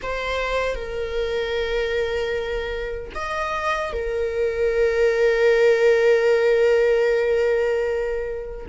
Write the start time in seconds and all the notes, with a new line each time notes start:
0.02 C5
0.75 A#4
3.14 D#5
3.93 A#4